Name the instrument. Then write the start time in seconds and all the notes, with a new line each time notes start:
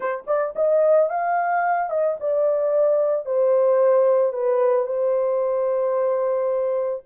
horn
0.00 C5
0.27 D5
0.55 D#5
1.09 F5
1.90 D#5
2.19 D5
3.25 C5
4.32 B4
4.86 C5